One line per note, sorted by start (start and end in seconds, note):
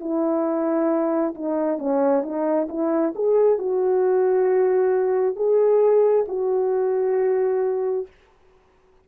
0.00 1.34 E4
1.34 1.78 D#4
1.78 2.23 C#4
2.23 2.67 D#4
2.69 3.13 E4
3.15 3.58 G#4
3.58 5.36 F#4
5.36 6.26 G#4
6.28 8.07 F#4